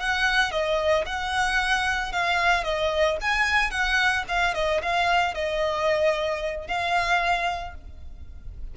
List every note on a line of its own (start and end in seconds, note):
0.00 0.51 F#5
0.51 1.05 D#5
1.06 2.12 F#5
2.12 2.64 F5
2.64 3.18 D#5
3.21 3.71 G#5
3.71 4.24 F#5
4.28 4.54 F5
4.54 4.81 D#5
4.82 5.34 F5
5.34 6.67 D#5
6.67 7.75 F5